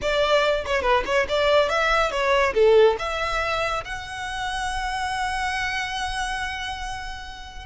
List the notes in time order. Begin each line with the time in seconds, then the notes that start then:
0.01 D5
0.65 C#5
0.82 B4
1.05 C#5
1.29 D5
1.69 E5
2.11 C#5
2.53 A4
2.98 E5
3.84 F#5